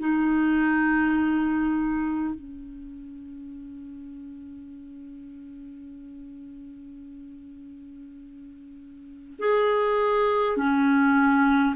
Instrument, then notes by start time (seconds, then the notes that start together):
clarinet
0.00 D#4
2.35 C#4
9.40 G#4
10.57 C#4